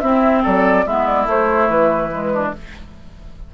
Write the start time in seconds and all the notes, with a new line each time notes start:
0.00 C4 E4 E5
0.43 F#3 A4 D5
0.86 G#3 B3 E4 E5
1.06 D5
1.26 A3 C5
1.69 E3 B4
2.11 G#3
2.33 D4